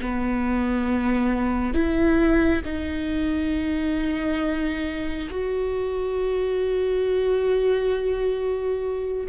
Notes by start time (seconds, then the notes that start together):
0.00 B3
1.73 E4
2.64 D#4
5.30 F#4